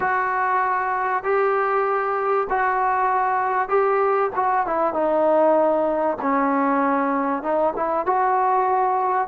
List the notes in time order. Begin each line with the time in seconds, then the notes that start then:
0.00 F#4
1.23 G4
2.49 F#4
3.68 G4
4.35 F#4
4.66 E4
4.93 D#4
6.21 C#4
7.42 D#4
7.75 E4
8.06 F#4